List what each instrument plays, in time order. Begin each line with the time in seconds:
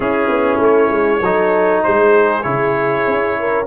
0.00 tuba C#4, trombone C#4, horn E4, trumpet G#4
0.27 tuba B3
0.59 tuba A3, trumpet C#5
0.89 tuba G#3
1.21 tuba F#3, trombone D#4, horn A4
1.83 tuba G#3, horn G#4, trumpet C5
2.42 tuba C#3, trombone E4, trumpet C#5
3.06 tuba C#4
3.39 horn A#4